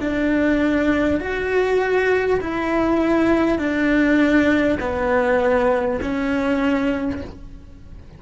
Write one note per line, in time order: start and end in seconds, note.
0.00 1.20 D4
1.20 2.40 F#4
2.40 3.58 E4
3.58 4.78 D4
4.80 6.00 B3
6.01 7.21 C#4